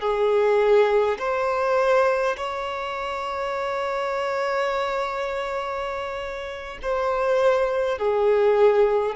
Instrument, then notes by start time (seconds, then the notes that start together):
violin
0.00 G#4
1.19 C5
2.37 C#5
6.82 C5
7.98 G#4